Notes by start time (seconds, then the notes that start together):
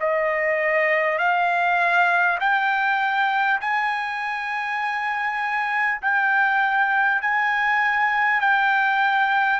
0.00 D#5
1.18 F5
2.40 G5
3.60 G#5
6.01 G5
7.21 G#5
8.40 G5